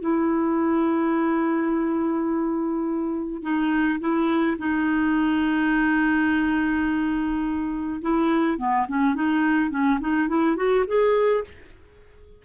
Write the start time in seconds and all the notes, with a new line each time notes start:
0.00 E4
3.42 D#4
3.99 E4
4.58 D#4
8.01 E4
8.58 B3
8.88 C#4
9.15 D#4
9.70 C#4
10.00 D#4
10.28 E4
10.56 F#4
10.87 G#4